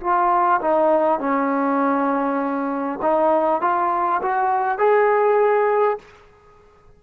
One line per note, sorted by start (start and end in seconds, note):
0.00 0.60 F4
0.61 1.19 D#4
1.19 2.99 C#4
3.02 3.61 D#4
3.61 4.21 F4
4.22 4.78 F#4
4.78 5.98 G#4